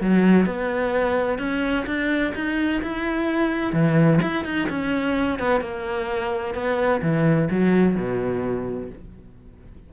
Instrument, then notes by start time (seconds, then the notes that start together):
cello
0.00 F#3
0.46 B3
1.38 C#4
1.86 D4
2.35 D#4
2.82 E4
3.72 E3
4.21 E4
4.45 D#4
4.69 C#4
5.39 B3
5.60 A#3
6.54 B3
7.02 E3
7.50 F#3
7.95 B2